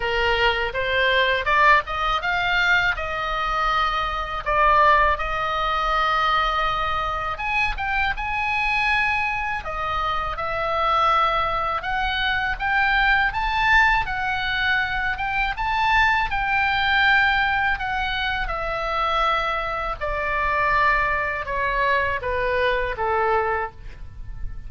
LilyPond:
\new Staff \with { instrumentName = "oboe" } { \time 4/4 \tempo 4 = 81 ais'4 c''4 d''8 dis''8 f''4 | dis''2 d''4 dis''4~ | dis''2 gis''8 g''8 gis''4~ | gis''4 dis''4 e''2 |
fis''4 g''4 a''4 fis''4~ | fis''8 g''8 a''4 g''2 | fis''4 e''2 d''4~ | d''4 cis''4 b'4 a'4 | }